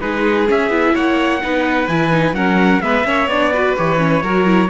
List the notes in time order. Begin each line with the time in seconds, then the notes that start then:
0.00 G#3 D#4 G#4 B4
0.47 C#4 E5
0.69 B3 E4
0.94 A#3 C#5 F#5
1.41 B3 D#4 B4
1.87 E3 E4 G#5
2.11 D#4
2.32 F#3 C#4 A#4 F#5
2.80 G#3 B3 B4 E5
3.04 A#3 C#4 C#5
3.27 B3 D4 D5
3.52 F#4 B4
3.76 E3 G4 C#5
3.98 C#4
4.22 F#3 F#4 A#4
4.46 E4